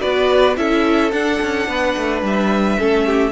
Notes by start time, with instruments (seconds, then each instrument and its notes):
0.00 cello B3, viola F#4, violin B4 D5
0.56 cello C#4, viola E4, violin A4 E5
1.11 cello D4, viola D4, violin F#5
1.41 cello C#4
1.68 cello B3, violin B4
1.97 cello A3
2.22 cello G3, violin E5
2.79 cello A3, viola C#4, violin A4
3.06 violin G4